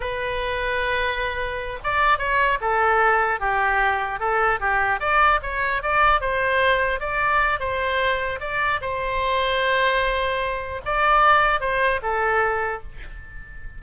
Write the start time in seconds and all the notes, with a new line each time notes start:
0.00 B4
1.83 D5
2.18 C#5
2.60 A4
3.39 G4
4.19 A4
4.60 G4
5.00 D5
5.42 C#5
5.82 D5
6.21 C5
6.99 D5
7.59 C5
8.40 D5
8.81 C5
10.85 D5
11.60 C5
12.02 A4